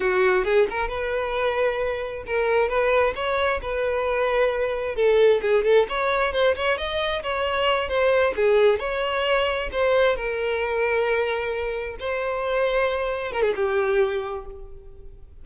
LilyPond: \new Staff \with { instrumentName = "violin" } { \time 4/4 \tempo 4 = 133 fis'4 gis'8 ais'8 b'2~ | b'4 ais'4 b'4 cis''4 | b'2. a'4 | gis'8 a'8 cis''4 c''8 cis''8 dis''4 |
cis''4. c''4 gis'4 cis''8~ | cis''4. c''4 ais'4.~ | ais'2~ ais'8 c''4.~ | c''4. ais'16 gis'16 g'2 | }